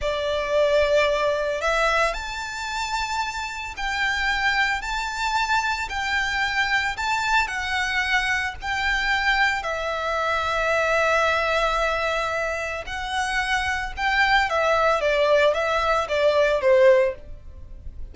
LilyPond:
\new Staff \with { instrumentName = "violin" } { \time 4/4 \tempo 4 = 112 d''2. e''4 | a''2. g''4~ | g''4 a''2 g''4~ | g''4 a''4 fis''2 |
g''2 e''2~ | e''1 | fis''2 g''4 e''4 | d''4 e''4 d''4 c''4 | }